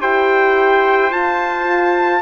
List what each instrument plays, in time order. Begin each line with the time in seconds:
0.00 bassoon E4, horn G4, trumpet C5 G5
1.11 horn F4, bassoon F4, trumpet A5